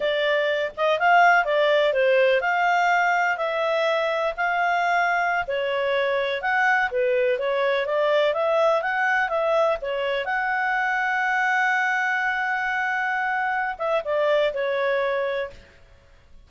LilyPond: \new Staff \with { instrumentName = "clarinet" } { \time 4/4 \tempo 4 = 124 d''4. dis''8 f''4 d''4 | c''4 f''2 e''4~ | e''4 f''2~ f''16 cis''8.~ | cis''4~ cis''16 fis''4 b'4 cis''8.~ |
cis''16 d''4 e''4 fis''4 e''8.~ | e''16 cis''4 fis''2~ fis''8.~ | fis''1~ | fis''8 e''8 d''4 cis''2 | }